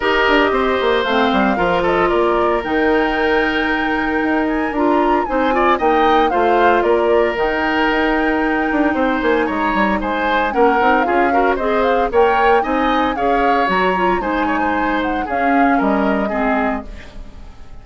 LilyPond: <<
  \new Staff \with { instrumentName = "flute" } { \time 4/4 \tempo 4 = 114 dis''2 f''4. dis''8 | d''4 g''2.~ | g''8 gis''8 ais''4 gis''4 g''4 | f''4 d''4 g''2~ |
g''4. gis''8 ais''4 gis''4 | fis''4 f''4 dis''8 f''8 g''4 | gis''4 f''4 ais''4 gis''4~ | gis''8 fis''8 f''4 dis''2 | }
  \new Staff \with { instrumentName = "oboe" } { \time 4/4 ais'4 c''2 ais'8 a'8 | ais'1~ | ais'2 c''8 d''8 dis''4 | c''4 ais'2.~ |
ais'4 c''4 cis''4 c''4 | ais'4 gis'8 ais'8 c''4 cis''4 | dis''4 cis''2 c''8 cis''16 c''16~ | c''4 gis'4 ais'4 gis'4 | }
  \new Staff \with { instrumentName = "clarinet" } { \time 4/4 g'2 c'4 f'4~ | f'4 dis'2.~ | dis'4 f'4 dis'8 f'8 dis'4 | f'2 dis'2~ |
dis'1 | cis'8 dis'8 f'8 fis'8 gis'4 ais'4 | dis'4 gis'4 fis'8 f'8 dis'4~ | dis'4 cis'2 c'4 | }
  \new Staff \with { instrumentName = "bassoon" } { \time 4/4 dis'8 d'8 c'8 ais8 a8 g8 f4 | ais4 dis2. | dis'4 d'4 c'4 ais4 | a4 ais4 dis4 dis'4~ |
dis'8 d'8 c'8 ais8 gis8 g8 gis4 | ais8 c'8 cis'4 c'4 ais4 | c'4 cis'4 fis4 gis4~ | gis4 cis'4 g4 gis4 | }
>>